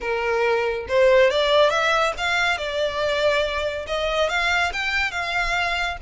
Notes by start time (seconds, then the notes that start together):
0.00 A#4
0.88 C5
1.30 D5
1.70 E5
2.17 F5
2.57 D5
3.86 D#5
4.29 F5
4.72 G5
5.11 F5